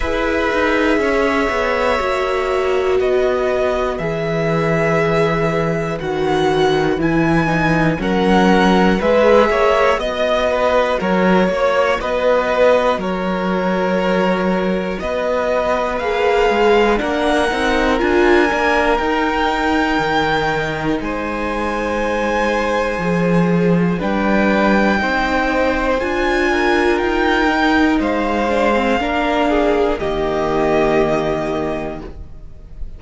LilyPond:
<<
  \new Staff \with { instrumentName = "violin" } { \time 4/4 \tempo 4 = 60 e''2. dis''4 | e''2 fis''4 gis''4 | fis''4 e''4 dis''4 cis''4 | dis''4 cis''2 dis''4 |
f''4 fis''4 gis''4 g''4~ | g''4 gis''2. | g''2 gis''4 g''4 | f''2 dis''2 | }
  \new Staff \with { instrumentName = "violin" } { \time 4/4 b'4 cis''2 b'4~ | b'1 | ais'4 b'8 cis''8 dis''8 b'8 ais'8 cis''8 | b'4 ais'2 b'4~ |
b'4 ais'2.~ | ais'4 c''2. | b'4 c''4. ais'4. | c''4 ais'8 gis'8 g'2 | }
  \new Staff \with { instrumentName = "viola" } { \time 4/4 gis'2 fis'2 | gis'2 fis'4 e'8 dis'8 | cis'4 gis'4 fis'2~ | fis'1 |
gis'4 d'8 dis'8 f'8 d'8 dis'4~ | dis'2. gis'4 | d'4 dis'4 f'4. dis'8~ | dis'8 d'16 c'16 d'4 ais2 | }
  \new Staff \with { instrumentName = "cello" } { \time 4/4 e'8 dis'8 cis'8 b8 ais4 b4 | e2 dis4 e4 | fis4 gis8 ais8 b4 fis8 ais8 | b4 fis2 b4 |
ais8 gis8 ais8 c'8 d'8 ais8 dis'4 | dis4 gis2 f4 | g4 c'4 d'4 dis'4 | gis4 ais4 dis2 | }
>>